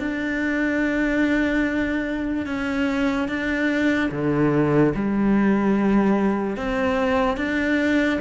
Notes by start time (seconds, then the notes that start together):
0.00 D4
2.46 C#4
3.28 D4
4.11 D3
4.95 G3
6.57 C4
7.37 D4